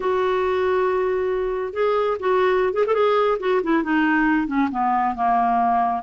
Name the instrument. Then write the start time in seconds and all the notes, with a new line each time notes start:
clarinet
0.00 F#4
1.73 G#4
2.19 F#4
2.73 G#4
2.86 A4
2.94 G#4
3.39 F#4
3.63 E4
3.83 D#4
4.47 C#4
4.71 B3
5.15 A#3